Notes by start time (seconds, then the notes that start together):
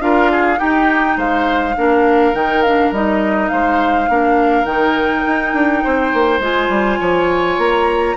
0.00 D4 F4 A#4 F5
0.31 G#4
0.57 D#4 G4 G5
1.17 G#3 C5 F5
1.76 A#3 D4 A#4
2.34 D#3 D#4 G5
2.62 D4 F5
2.91 G3 D#4 D#5
3.48 G#3 C5 F5
4.08 A#3 D4 A#4
4.64 D#3 D#4 G5
5.27 D#4
5.53 D4
5.84 C4 C5
6.13 A#3
6.39 G#3 F4 G#5
6.69 G3
6.99 F3 C#5
7.58 A#3 A#5